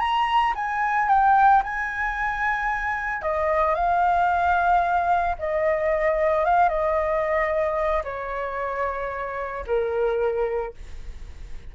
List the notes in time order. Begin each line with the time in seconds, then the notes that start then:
0.00 A#5
0.56 G#5
1.09 G5
1.64 G#5
3.23 D#5
3.75 F5
5.39 D#5
6.45 F5
6.69 D#5
8.05 C#5
9.67 A#4